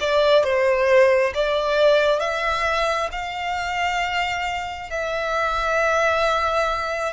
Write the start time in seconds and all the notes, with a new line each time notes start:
0.00 D5
0.43 C5
1.34 D5
2.19 E5
3.11 F5
4.90 E5